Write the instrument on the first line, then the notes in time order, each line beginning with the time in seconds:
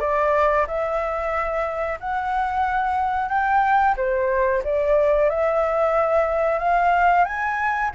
flute
0.00 D5
0.67 E5
2.00 F#5
3.29 G5
3.97 C5
4.64 D5
5.29 E5
6.59 F5
7.25 G#5